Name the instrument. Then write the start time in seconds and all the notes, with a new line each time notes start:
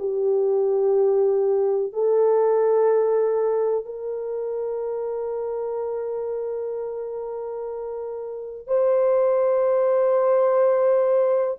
horn
0.00 G4
1.93 A4
3.85 A#4
8.68 C5